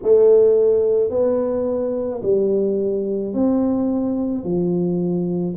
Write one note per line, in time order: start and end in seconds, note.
0.02 1.10 A3
1.10 2.21 B3
2.22 3.33 G3
3.33 4.44 C4
4.44 5.55 F3